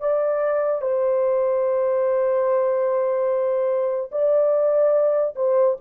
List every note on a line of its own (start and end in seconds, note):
0.00 0.81 D5
0.81 4.10 C5
4.11 5.35 D5
5.35 5.76 C5